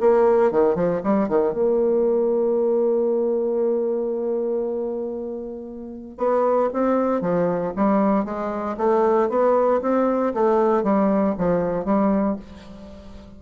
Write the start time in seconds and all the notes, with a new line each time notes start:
0.00 A#3
0.51 D#3
0.75 F3
1.03 G3
1.28 D#3
1.53 A#3
6.17 B3
6.73 C4
7.21 F3
7.76 G3
8.25 G#3
8.77 A3
9.29 B3
9.81 C4
10.34 A3
10.83 G3
11.37 F3
11.84 G3